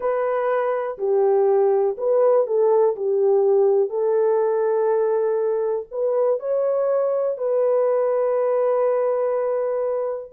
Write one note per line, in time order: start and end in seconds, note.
0.00 0.97 B4
0.98 1.96 G4
1.97 2.46 B4
2.46 2.95 A4
2.96 3.89 G4
3.89 5.86 A4
5.91 6.39 B4
6.39 7.37 C#5
7.37 10.32 B4